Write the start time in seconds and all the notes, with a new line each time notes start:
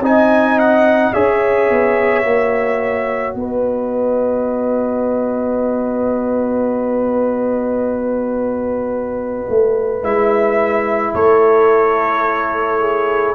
0.00 C4 D#4 D#5 G#5
0.59 F#5
1.13 C#4 G#4 C#5 E5
1.70 B3
2.24 A#3 F#4
3.35 B3 B4 D#5
9.50 A3
10.03 G#3 E4 E5
11.14 A3 A4 C#5
12.81 G#4